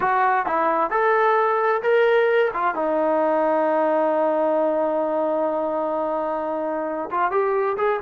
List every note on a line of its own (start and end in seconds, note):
0.00 0.45 F#4
0.45 0.90 E4
0.90 1.82 A4
1.82 2.51 A#4
2.53 2.74 F4
2.74 7.10 D#4
7.10 7.31 F4
7.31 7.76 G4
7.77 8.00 G#4